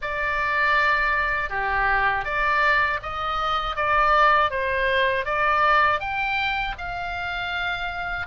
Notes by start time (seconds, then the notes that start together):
0.01 D5
1.49 G4
2.24 D5
3.02 D#5
3.76 D5
4.50 C5
5.25 D5
6.00 G5
6.78 F5